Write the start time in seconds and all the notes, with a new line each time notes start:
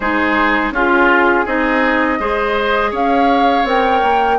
0.00 G#3 D#4 G#4 C5
0.71 C#4 F4 G#4
1.45 C4 D#4 G#4 D#5
2.19 G#3 G#4 C5
2.91 C#4 C#5 F5
3.64 C4 A#4 G5
4.02 A#3